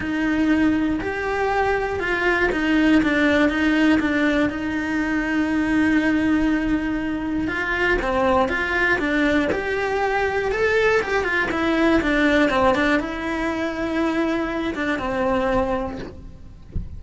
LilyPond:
\new Staff \with { instrumentName = "cello" } { \time 4/4 \tempo 4 = 120 dis'2 g'2 | f'4 dis'4 d'4 dis'4 | d'4 dis'2.~ | dis'2. f'4 |
c'4 f'4 d'4 g'4~ | g'4 a'4 g'8 f'8 e'4 | d'4 c'8 d'8 e'2~ | e'4. d'8 c'2 | }